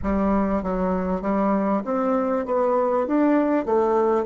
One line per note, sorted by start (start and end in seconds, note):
0.03 0.62 G3
0.62 1.21 F#3
1.21 1.83 G3
1.85 2.45 C4
2.45 3.06 B3
3.06 3.65 D4
3.65 4.26 A3